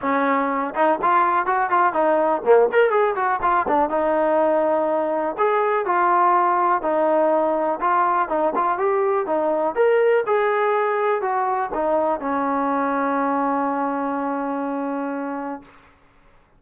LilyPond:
\new Staff \with { instrumentName = "trombone" } { \time 4/4 \tempo 4 = 123 cis'4. dis'8 f'4 fis'8 f'8 | dis'4 ais8 ais'8 gis'8 fis'8 f'8 d'8 | dis'2. gis'4 | f'2 dis'2 |
f'4 dis'8 f'8 g'4 dis'4 | ais'4 gis'2 fis'4 | dis'4 cis'2.~ | cis'1 | }